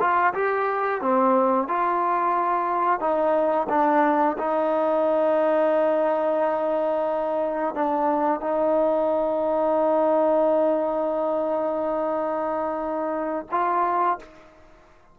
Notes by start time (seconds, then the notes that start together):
0.00 F4
0.34 G4
1.01 C4
1.68 F4
3.00 D#4
3.69 D4
4.38 D#4
7.75 D4
8.41 D#4
13.51 F4